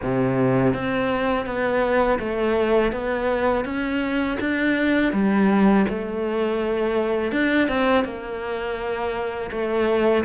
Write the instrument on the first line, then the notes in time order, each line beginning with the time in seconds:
cello
0.02 C3
0.73 C4
1.45 B3
2.19 A3
2.92 B3
3.65 C#4
4.39 D4
5.13 G3
5.89 A3
7.32 D4
7.68 C4
8.04 A#3
9.51 A3